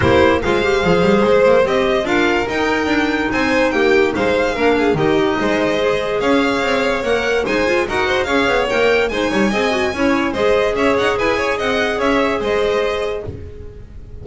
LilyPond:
<<
  \new Staff \with { instrumentName = "violin" } { \time 4/4 \tempo 4 = 145 c''4 f''2 c''4 | dis''4 f''4 g''2 | gis''4 g''4 f''2 | dis''2. f''4~ |
f''4 fis''4 gis''4 fis''4 | f''4 g''4 gis''2~ | gis''4 dis''4 e''8 fis''8 gis''4 | fis''4 e''4 dis''2 | }
  \new Staff \with { instrumentName = "violin" } { \time 4/4 g'4 c''2.~ | c''4 ais'2. | c''4 g'4 c''4 ais'8 gis'8 | g'4 c''2 cis''4~ |
cis''2 c''4 ais'8 c''8 | cis''2 c''8 cis''8 dis''4 | cis''4 c''4 cis''4 b'8 cis''8 | dis''4 cis''4 c''2 | }
  \new Staff \with { instrumentName = "clarinet" } { \time 4/4 e'4 f'8 g'8 gis'2 | g'4 f'4 dis'2~ | dis'2. d'4 | dis'2 gis'2~ |
gis'4 ais'4 dis'8 f'8 fis'4 | gis'4 ais'4 dis'4 gis'8 fis'8 | e'4 gis'2.~ | gis'1 | }
  \new Staff \with { instrumentName = "double bass" } { \time 4/4 ais4 gis4 f8 g8 gis8 ais8 | c'4 d'4 dis'4 d'4 | c'4 ais4 gis4 ais4 | dis4 gis2 cis'4 |
c'4 ais4 gis4 dis'4 | cis'8 b8 ais4 gis8 g8 c'4 | cis'4 gis4 cis'8 dis'8 e'4 | c'4 cis'4 gis2 | }
>>